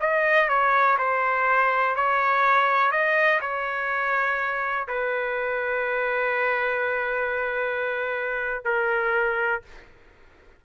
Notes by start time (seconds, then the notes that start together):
0.00 D#5
0.48 C#5
0.98 C5
1.96 C#5
2.91 D#5
3.41 C#5
4.88 B4
8.64 A#4